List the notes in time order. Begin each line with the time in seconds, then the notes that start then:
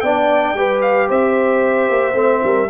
0.00 B3 D4 D5 G5
0.53 G3 G4 B4
0.81 F5
1.08 C4 C5 E5
1.89 A#3
2.13 A3 C4
2.43 G3 A#4